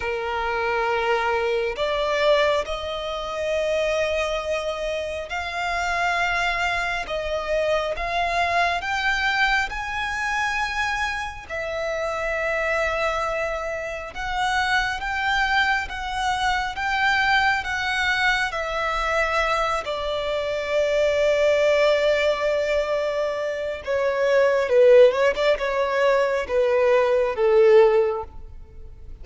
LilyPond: \new Staff \with { instrumentName = "violin" } { \time 4/4 \tempo 4 = 68 ais'2 d''4 dis''4~ | dis''2 f''2 | dis''4 f''4 g''4 gis''4~ | gis''4 e''2. |
fis''4 g''4 fis''4 g''4 | fis''4 e''4. d''4.~ | d''2. cis''4 | b'8 cis''16 d''16 cis''4 b'4 a'4 | }